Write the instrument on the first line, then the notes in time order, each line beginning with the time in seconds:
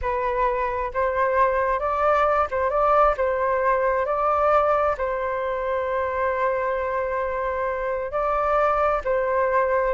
flute
0.01 B4
0.93 C5
1.79 D5
2.50 C5
2.69 D5
3.17 C5
4.05 D5
4.97 C5
8.11 D5
9.04 C5